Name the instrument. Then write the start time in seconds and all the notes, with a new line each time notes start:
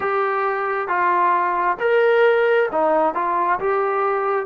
trombone
0.00 G4
0.88 F4
1.79 A#4
2.71 D#4
3.14 F4
3.59 G4